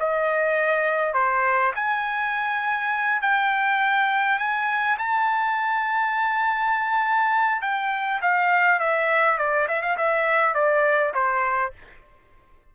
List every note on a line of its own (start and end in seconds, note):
0.00 1.14 D#5
1.14 1.73 C5
1.76 3.22 G#5
3.22 4.39 G5
4.39 4.98 G#5
4.99 7.62 A5
7.62 8.21 G5
8.22 8.80 F5
8.80 9.38 E5
9.38 9.68 D5
9.69 9.82 E5
9.82 9.97 F5
9.98 10.55 E5
10.55 11.14 D5
11.14 11.73 C5